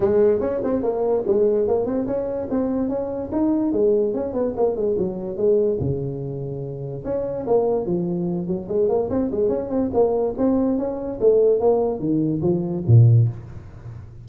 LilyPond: \new Staff \with { instrumentName = "tuba" } { \time 4/4 \tempo 4 = 145 gis4 cis'8 c'8 ais4 gis4 | ais8 c'8 cis'4 c'4 cis'4 | dis'4 gis4 cis'8 b8 ais8 gis8 | fis4 gis4 cis2~ |
cis4 cis'4 ais4 f4~ | f8 fis8 gis8 ais8 c'8 gis8 cis'8 c'8 | ais4 c'4 cis'4 a4 | ais4 dis4 f4 ais,4 | }